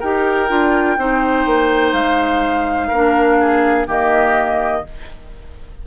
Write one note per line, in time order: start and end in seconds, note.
0.00 0.50 D#4
0.00 0.49 G4
0.00 0.97 A#4
0.00 1.93 G5
0.49 0.98 D4
0.49 0.97 F4
0.98 1.46 C4
0.98 2.93 D#4
0.98 2.89 C5
1.46 1.93 A#3
1.93 2.90 G#3
1.93 3.87 F5
2.89 3.87 A#3
2.89 3.87 D4
2.89 3.37 A#4
3.40 3.88 G#4
3.87 4.84 D#3
3.87 4.84 A#3
3.87 4.84 G4
3.87 4.87 D#5